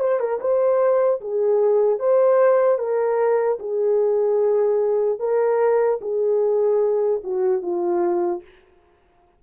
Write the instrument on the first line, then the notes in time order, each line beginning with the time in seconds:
horn
0.00 C5
0.20 A#4
0.41 C5
1.21 G#4
1.99 C5
2.79 A#4
3.60 G#4
5.20 A#4
6.01 G#4
7.24 F#4
7.62 F4